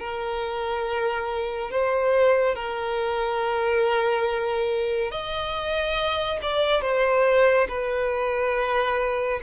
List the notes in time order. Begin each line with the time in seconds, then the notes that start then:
0.00 A#4
1.71 C5
2.56 A#4
5.12 D#5
6.43 D5
6.82 C5
7.69 B4